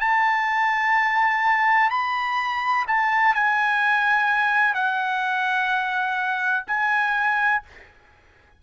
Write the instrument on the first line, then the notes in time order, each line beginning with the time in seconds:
trumpet
0.00 A5
1.90 B5
2.87 A5
3.34 G#5
4.74 F#5
6.67 G#5